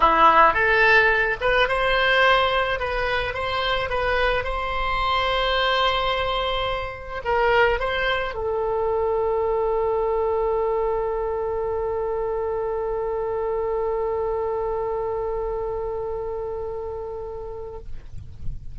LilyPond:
\new Staff \with { instrumentName = "oboe" } { \time 4/4 \tempo 4 = 108 e'4 a'4. b'8 c''4~ | c''4 b'4 c''4 b'4 | c''1~ | c''4 ais'4 c''4 a'4~ |
a'1~ | a'1~ | a'1~ | a'1 | }